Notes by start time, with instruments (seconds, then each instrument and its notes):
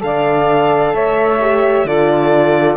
0.00 cello D3, horn A4, saxophone D5, violin F5
0.93 cello A3, saxophone C#5, violin E5
1.41 horn G4
1.85 cello D3, horn F4, saxophone A4, violin D5